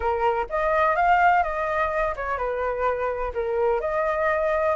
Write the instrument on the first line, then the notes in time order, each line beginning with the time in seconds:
flute
0.00 A#4
0.49 D#5
0.95 F5
1.43 D#5
2.16 C#5
2.37 B4
3.34 A#4
3.80 D#5